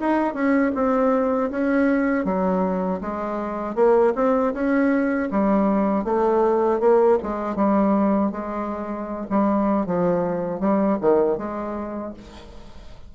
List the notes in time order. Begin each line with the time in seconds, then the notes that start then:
0.00 D#4
0.34 C#4
0.75 C4
1.51 C#4
2.25 F#3
3.01 G#3
3.76 A#3
4.16 C4
4.54 C#4
5.31 G3
6.05 A3
6.80 A#3
7.23 G#3
7.56 G3
8.32 G#3
9.30 G3
9.86 F3
10.61 G3
11.01 D#3
11.38 G#3